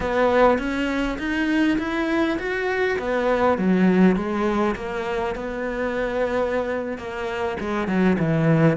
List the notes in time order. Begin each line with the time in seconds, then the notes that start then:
0.00 B3
0.58 C#4
1.18 D#4
1.78 E4
2.38 F#4
2.99 B3
3.58 F#3
4.16 G#3
4.75 A#3
5.35 B3
6.97 A#3
7.60 G#3
7.87 F#3
8.18 E3